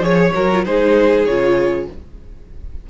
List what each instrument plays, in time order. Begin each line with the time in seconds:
0.00 cello F3, viola G#4, violin C#5
0.33 cello F#3, viola F#4, violin A#4
0.53 viola F4
0.64 cello G#3, viola D#4, violin G#4 C5
1.25 cello C#3, viola F4, violin C#5